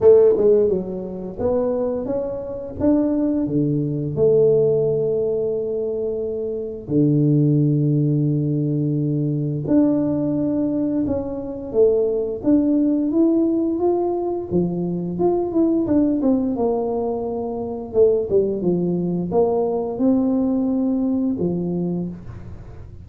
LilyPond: \new Staff \with { instrumentName = "tuba" } { \time 4/4 \tempo 4 = 87 a8 gis8 fis4 b4 cis'4 | d'4 d4 a2~ | a2 d2~ | d2 d'2 |
cis'4 a4 d'4 e'4 | f'4 f4 f'8 e'8 d'8 c'8 | ais2 a8 g8 f4 | ais4 c'2 f4 | }